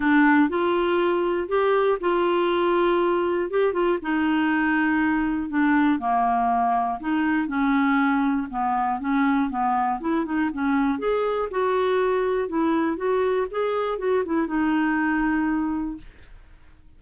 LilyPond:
\new Staff \with { instrumentName = "clarinet" } { \time 4/4 \tempo 4 = 120 d'4 f'2 g'4 | f'2. g'8 f'8 | dis'2. d'4 | ais2 dis'4 cis'4~ |
cis'4 b4 cis'4 b4 | e'8 dis'8 cis'4 gis'4 fis'4~ | fis'4 e'4 fis'4 gis'4 | fis'8 e'8 dis'2. | }